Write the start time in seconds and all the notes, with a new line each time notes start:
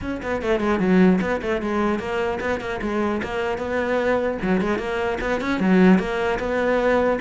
0.01 C#4
0.22 B3
0.41 A3
0.60 G#3
0.79 F#3
1.21 B3
1.41 A3
1.61 G#3
1.99 A#3
2.40 B3
2.60 A#3
2.81 G#3
3.23 A#3
3.58 B3
4.42 F#3
4.60 G#3
4.78 A#3
5.20 B3
5.40 C#4
5.59 F#3
5.99 A#3
6.39 B3